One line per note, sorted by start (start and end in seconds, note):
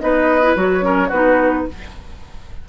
0.00 0.56 B3
0.00 0.41 D#4
0.00 0.85 B4
0.00 0.56 D#5
0.43 0.56 E4
0.56 1.11 F#3
0.56 0.81 F#4
0.56 1.11 C#5
0.81 1.09 C#4
0.81 1.09 A#4
1.09 1.67 B3
1.09 1.69 D#4
1.09 1.64 F#4
1.09 1.66 B4